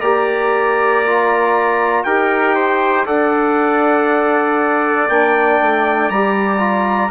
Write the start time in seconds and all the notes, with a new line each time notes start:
0.00 A#3 G4 D5 A#5
1.05 F4
2.04 D#4 G4 A#4 G5
2.55 C5
3.05 D4 A4 D5 F#5
5.08 A#3 D4 G5
5.61 A3
6.09 G3 G4 A#5
6.58 F4